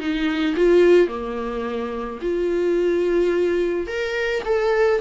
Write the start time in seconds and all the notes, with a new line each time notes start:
0.00 D#4
0.57 F4
1.08 A#3
2.22 F4
3.87 A#4
4.45 A4